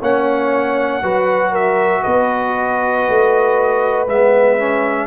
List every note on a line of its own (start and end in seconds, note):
0.00 1.03 A#3
0.00 1.03 C#4
0.00 1.02 C#5
0.00 1.55 F#5
1.03 2.04 F#3
1.03 4.08 F#4
1.03 1.51 B4
1.51 2.02 A#4
1.51 2.03 E5
2.03 3.08 B3
2.03 5.07 B4
2.03 4.07 D#5
3.08 4.07 A3
4.07 5.07 G#3
4.07 4.59 B3
4.07 5.07 E5
4.59 5.07 C#4